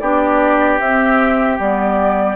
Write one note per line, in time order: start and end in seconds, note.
0.00 0.80 B3
0.00 0.80 D4
0.00 2.36 G4
0.00 0.79 D5
0.80 1.59 C4
0.80 1.59 E5
1.59 2.36 G3
1.59 2.36 B3
1.59 2.36 D5